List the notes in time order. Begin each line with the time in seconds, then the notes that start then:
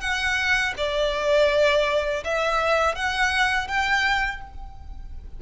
0.00 F#5
0.77 D5
2.24 E5
2.95 F#5
3.68 G5